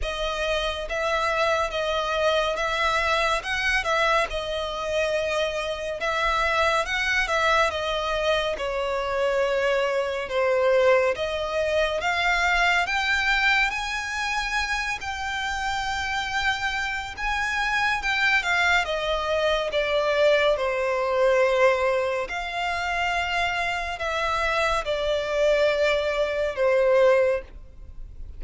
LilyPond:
\new Staff \with { instrumentName = "violin" } { \time 4/4 \tempo 4 = 70 dis''4 e''4 dis''4 e''4 | fis''8 e''8 dis''2 e''4 | fis''8 e''8 dis''4 cis''2 | c''4 dis''4 f''4 g''4 |
gis''4. g''2~ g''8 | gis''4 g''8 f''8 dis''4 d''4 | c''2 f''2 | e''4 d''2 c''4 | }